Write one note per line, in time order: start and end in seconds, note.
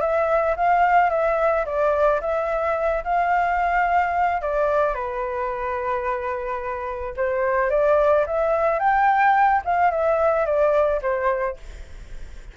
0.00 0.55 E5
0.56 1.10 F5
1.10 1.65 E5
1.65 2.20 D5
2.20 3.03 E5
3.04 4.41 F5
4.41 4.94 D5
4.94 7.14 B4
7.16 7.70 C5
7.70 8.25 D5
8.26 8.79 E5
8.79 9.62 G5
9.64 9.90 F5
9.90 10.45 E5
10.45 11.00 D5
11.01 11.56 C5